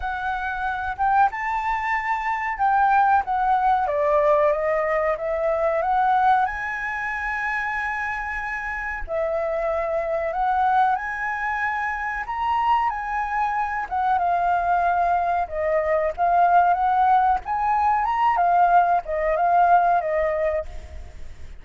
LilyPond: \new Staff \with { instrumentName = "flute" } { \time 4/4 \tempo 4 = 93 fis''4. g''8 a''2 | g''4 fis''4 d''4 dis''4 | e''4 fis''4 gis''2~ | gis''2 e''2 |
fis''4 gis''2 ais''4 | gis''4. fis''8 f''2 | dis''4 f''4 fis''4 gis''4 | ais''8 f''4 dis''8 f''4 dis''4 | }